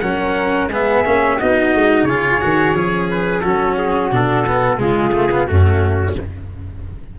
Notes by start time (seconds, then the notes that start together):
0.00 F#3 C#4 A#4 F#5
0.68 G#3 B3 G#4 E5
1.05 A#3 C#4
1.37 B3 D#4 F#4 D#5
1.75 G#3
2.03 C#3 G#4 C#5
2.10 F4
2.41 D#3 F#4
2.74 F3 C#4 G#4
3.11 B4
3.40 F#3 C#4 F#4 A4
3.78 G#4
4.12 B2 D4 A4
4.47 B3
4.77 C#3 G#3 F4 G#4
5.12 A3
5.31 B3
5.47 F#2 A3 C#4 F#4